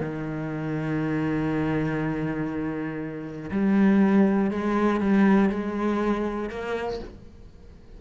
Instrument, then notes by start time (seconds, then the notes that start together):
cello
0.00 D#3
3.51 G3
4.51 G#3
5.00 G3
5.50 G#3
6.50 A#3